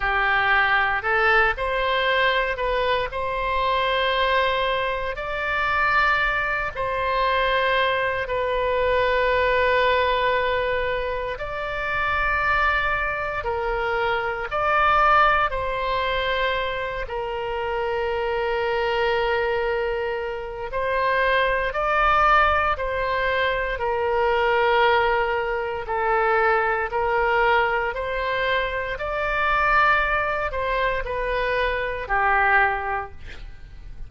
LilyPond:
\new Staff \with { instrumentName = "oboe" } { \time 4/4 \tempo 4 = 58 g'4 a'8 c''4 b'8 c''4~ | c''4 d''4. c''4. | b'2. d''4~ | d''4 ais'4 d''4 c''4~ |
c''8 ais'2.~ ais'8 | c''4 d''4 c''4 ais'4~ | ais'4 a'4 ais'4 c''4 | d''4. c''8 b'4 g'4 | }